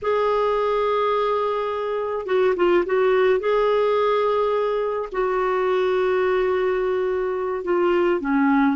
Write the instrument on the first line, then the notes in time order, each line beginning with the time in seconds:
clarinet
0.02 G#4
2.26 F#4
2.55 F4
2.85 F#4
3.39 G#4
5.11 F#4
7.64 F4
8.20 C#4